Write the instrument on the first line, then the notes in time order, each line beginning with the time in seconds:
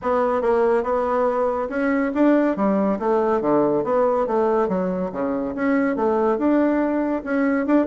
bassoon
0.01 B3
0.41 A#3
0.83 B3
1.69 C#4
2.14 D4
2.56 G3
2.99 A3
3.41 D3
3.84 B3
4.26 A3
4.68 F#3
5.12 C#3
5.55 C#4
5.96 A3
6.37 D4
7.23 C#4
7.66 D4